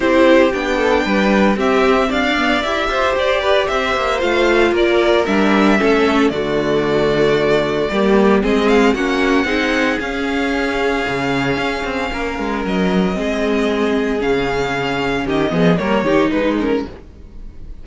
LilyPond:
<<
  \new Staff \with { instrumentName = "violin" } { \time 4/4 \tempo 4 = 114 c''4 g''2 e''4 | f''4 e''4 d''4 e''4 | f''4 d''4 e''2 | d''1 |
dis''8 f''8 fis''2 f''4~ | f''1 | dis''2. f''4~ | f''4 dis''4 cis''4 b'8 ais'8 | }
  \new Staff \with { instrumentName = "violin" } { \time 4/4 g'4. a'8 b'4 g'4 | d''4. c''4 b'8 c''4~ | c''4 ais'2 a'4 | fis'2. g'4 |
gis'4 fis'4 gis'2~ | gis'2. ais'4~ | ais'4 gis'2.~ | gis'4 g'8 gis'8 ais'8 g'8 dis'4 | }
  \new Staff \with { instrumentName = "viola" } { \time 4/4 e'4 d'2 c'4~ | c'8 b8 g'2. | f'2 d'4 cis'4 | a2. ais4 |
c'4 cis'4 dis'4 cis'4~ | cis'1~ | cis'4 c'2 cis'4~ | cis'4. b8 ais8 dis'4 cis'8 | }
  \new Staff \with { instrumentName = "cello" } { \time 4/4 c'4 b4 g4 c'4 | d'4 e'8 f'8 g'4 c'8 ais8 | a4 ais4 g4 a4 | d2. g4 |
gis4 ais4 c'4 cis'4~ | cis'4 cis4 cis'8 c'8 ais8 gis8 | fis4 gis2 cis4~ | cis4 dis8 f8 g8 dis8 gis4 | }
>>